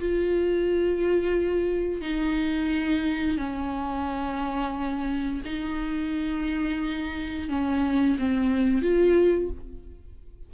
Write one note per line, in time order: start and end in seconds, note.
0.00 2.02 F4
2.02 3.38 D#4
3.38 5.42 C#4
5.45 7.49 D#4
7.49 8.17 C#4
8.19 8.82 C4
8.82 9.50 F4